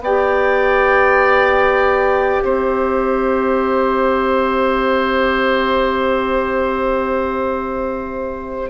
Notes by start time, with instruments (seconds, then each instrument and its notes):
0.00 bassoon B3, clarinet G4, oboe D5, flute G5
2.43 bassoon C4, oboe C5, flute E5